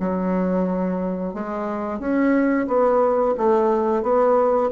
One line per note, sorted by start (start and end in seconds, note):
0.00 1.34 F#3
1.34 1.99 G#3
1.99 2.67 C#4
2.67 3.35 B3
3.37 4.03 A3
4.03 4.70 B3